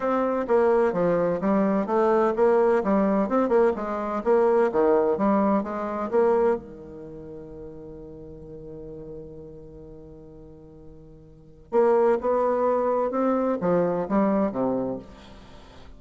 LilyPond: \new Staff \with { instrumentName = "bassoon" } { \time 4/4 \tempo 4 = 128 c'4 ais4 f4 g4 | a4 ais4 g4 c'8 ais8 | gis4 ais4 dis4 g4 | gis4 ais4 dis2~ |
dis1~ | dis1~ | dis4 ais4 b2 | c'4 f4 g4 c4 | }